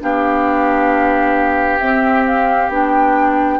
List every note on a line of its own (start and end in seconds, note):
0.00 1.80 B3
0.00 1.79 D4
0.00 3.60 G4
0.00 1.79 F5
1.79 2.69 C4
1.79 2.71 C4
1.79 2.24 E5
2.26 2.71 F5
2.69 3.58 B3
2.69 3.60 D4
2.69 3.60 G5